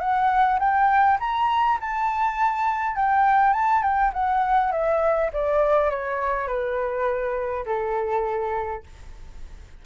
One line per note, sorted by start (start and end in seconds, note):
0.00 0.59 F#5
0.59 1.18 G5
1.20 1.79 A#5
1.81 2.96 A5
2.96 3.53 G5
3.53 3.82 A5
3.82 4.12 G5
4.13 4.72 F#5
4.72 5.30 E5
5.33 5.90 D5
5.90 6.47 C#5
6.47 7.65 B4
7.66 8.83 A4